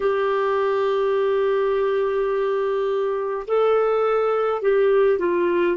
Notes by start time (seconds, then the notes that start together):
0.00 G4
3.47 A4
4.62 G4
5.19 F4